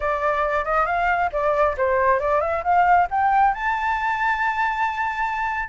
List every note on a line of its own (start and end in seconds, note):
0.00 0.64 D5
0.64 0.86 D#5
0.86 1.29 F5
1.32 1.76 D5
1.77 2.19 C5
2.19 2.40 D5
2.40 2.62 E5
2.63 3.07 F5
3.10 3.54 G5
3.54 5.69 A5